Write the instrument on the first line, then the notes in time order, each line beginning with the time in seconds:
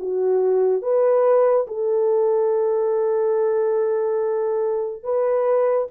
horn
0.00 F#4
0.82 B4
1.67 A4
5.03 B4